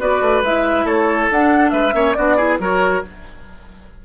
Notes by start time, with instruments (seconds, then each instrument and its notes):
0.00 bassoon B3, clarinet F#4, oboe B4, flute D5
0.21 bassoon A3
0.42 bassoon G#3, clarinet E4, flute E5
0.85 bassoon A3, oboe A4, flute C#5
1.31 bassoon D4, clarinet D4, flute F#5
1.71 bassoon G#3, oboe B4, flute E5
1.92 bassoon A#3, clarinet C#4, oboe C#5
2.14 bassoon B3, clarinet D4, oboe F#4, flute D5
2.37 clarinet E4, oboe G#4
2.59 bassoon F#3, clarinet F#4, oboe A#4, flute C#5